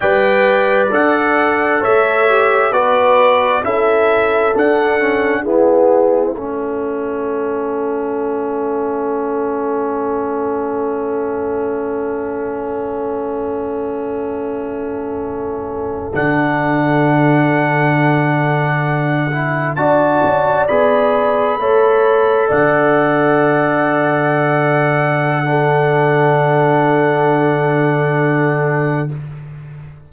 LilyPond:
<<
  \new Staff \with { instrumentName = "trumpet" } { \time 4/4 \tempo 4 = 66 g''4 fis''4 e''4 d''4 | e''4 fis''4 e''2~ | e''1~ | e''1~ |
e''4.~ e''16 fis''2~ fis''16~ | fis''4.~ fis''16 a''4 b''4~ b''16~ | b''8. fis''2.~ fis''16~ | fis''1 | }
  \new Staff \with { instrumentName = "horn" } { \time 4/4 d''2 cis''4 b'4 | a'2 gis'4 a'4~ | a'1~ | a'1~ |
a'1~ | a'4.~ a'16 d''2 cis''16~ | cis''8. d''2.~ d''16 | a'1 | }
  \new Staff \with { instrumentName = "trombone" } { \time 4/4 b'4 a'4. g'8 fis'4 | e'4 d'8 cis'8 b4 cis'4~ | cis'1~ | cis'1~ |
cis'4.~ cis'16 d'2~ d'16~ | d'4~ d'16 e'8 fis'4 gis'4 a'16~ | a'1 | d'1 | }
  \new Staff \with { instrumentName = "tuba" } { \time 4/4 g4 d'4 a4 b4 | cis'4 d'4 e'4 a4~ | a1~ | a1~ |
a4.~ a16 d2~ d16~ | d4.~ d16 d'8 cis'8 b4 a16~ | a8. d2.~ d16~ | d1 | }
>>